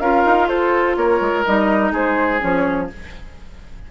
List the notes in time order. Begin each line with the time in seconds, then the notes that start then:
0.00 C#4 F4 A#4 F5
0.25 D#4
0.48 F4 A4 C5
0.97 A#3 A#4 C#5
1.21 G#3
1.45 G3 D#4 D#5
1.92 G#3 G#4 C5
2.40 F3 C#4 C#5